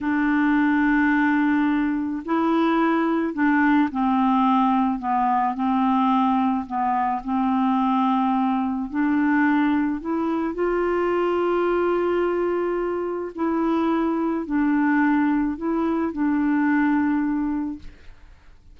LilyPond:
\new Staff \with { instrumentName = "clarinet" } { \time 4/4 \tempo 4 = 108 d'1 | e'2 d'4 c'4~ | c'4 b4 c'2 | b4 c'2. |
d'2 e'4 f'4~ | f'1 | e'2 d'2 | e'4 d'2. | }